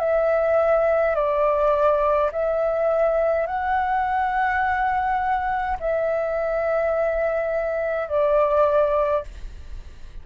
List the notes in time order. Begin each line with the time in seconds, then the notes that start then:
0.00 E5
1.15 D5
2.32 E5
3.47 F#5
5.80 E5
8.09 D5